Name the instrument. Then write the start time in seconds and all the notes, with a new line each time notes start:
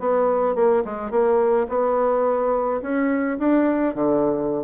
bassoon
0.00 B3
0.56 A#3
0.85 G#3
1.11 A#3
1.69 B3
2.82 C#4
3.39 D4
3.95 D3